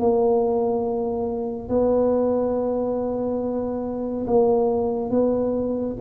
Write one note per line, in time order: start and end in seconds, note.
0.00 1.69 A#3
1.69 4.26 B3
4.27 5.10 A#3
5.10 5.96 B3